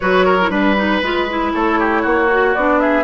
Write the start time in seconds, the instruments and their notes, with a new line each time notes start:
0.00 bassoon F#3, clarinet F#4, oboe B4, flute C#5
0.25 oboe A#4
0.40 clarinet E4
0.50 bassoon G3, clarinet D4, flute B4, oboe B4
0.76 clarinet D#4
1.02 bassoon G#3, clarinet F4
1.29 clarinet E4
1.53 bassoon A3, oboe A4, flute C#5
1.79 oboe G4
2.02 bassoon A#3, oboe F#4
2.29 clarinet F#4
2.54 bassoon B3, clarinet D4, flute D5
2.79 oboe G#4, flute E5